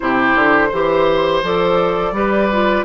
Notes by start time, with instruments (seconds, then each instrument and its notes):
0.00 bassoon C3, clarinet E4, oboe G4, flute C5
0.35 bassoon D3
0.68 bassoon E3, clarinet G4, oboe C5
1.43 bassoon F3, clarinet A4, flute D5
2.11 bassoon G3, clarinet G4, oboe B4
2.52 clarinet F4